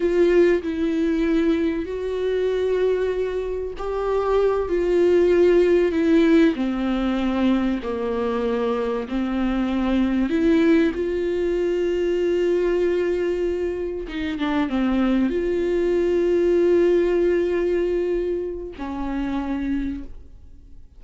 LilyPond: \new Staff \with { instrumentName = "viola" } { \time 4/4 \tempo 4 = 96 f'4 e'2 fis'4~ | fis'2 g'4. f'8~ | f'4. e'4 c'4.~ | c'8 ais2 c'4.~ |
c'8 e'4 f'2~ f'8~ | f'2~ f'8 dis'8 d'8 c'8~ | c'8 f'2.~ f'8~ | f'2 cis'2 | }